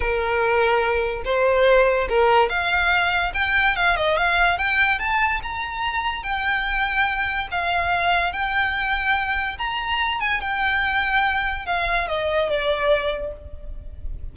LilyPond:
\new Staff \with { instrumentName = "violin" } { \time 4/4 \tempo 4 = 144 ais'2. c''4~ | c''4 ais'4 f''2 | g''4 f''8 dis''8 f''4 g''4 | a''4 ais''2 g''4~ |
g''2 f''2 | g''2. ais''4~ | ais''8 gis''8 g''2. | f''4 dis''4 d''2 | }